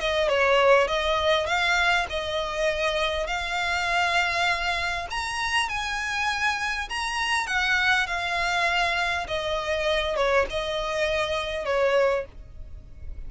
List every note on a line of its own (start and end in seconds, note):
0.00 0.28 D#5
0.28 0.87 C#5
0.87 1.46 D#5
1.46 2.06 F5
2.10 3.27 D#5
3.27 5.07 F5
5.10 5.69 A#5
5.69 6.89 G#5
6.89 7.47 A#5
7.47 8.07 F#5
8.07 9.27 F5
9.28 10.16 D#5
10.16 10.46 C#5
10.50 11.65 D#5
11.65 12.25 C#5